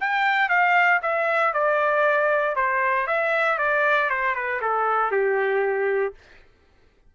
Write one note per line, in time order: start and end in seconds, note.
0.00 0.49 G5
0.49 1.00 F5
1.02 1.53 E5
1.53 2.55 D5
2.55 3.07 C5
3.07 3.58 E5
3.58 4.09 D5
4.10 4.35 C5
4.35 4.61 B4
4.61 5.11 A4
5.11 6.14 G4